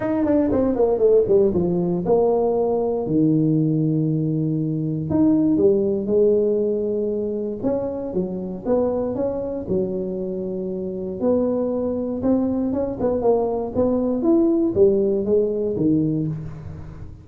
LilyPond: \new Staff \with { instrumentName = "tuba" } { \time 4/4 \tempo 4 = 118 dis'8 d'8 c'8 ais8 a8 g8 f4 | ais2 dis2~ | dis2 dis'4 g4 | gis2. cis'4 |
fis4 b4 cis'4 fis4~ | fis2 b2 | c'4 cis'8 b8 ais4 b4 | e'4 g4 gis4 dis4 | }